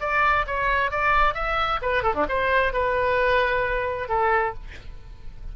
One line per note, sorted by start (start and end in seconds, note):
0.00 0.45 D5
0.46 0.91 C#5
0.91 1.34 D5
1.34 1.79 E5
1.81 2.02 B4
2.02 2.14 A4
2.14 2.25 D4
2.29 2.73 C5
2.73 4.08 B4
4.08 4.54 A4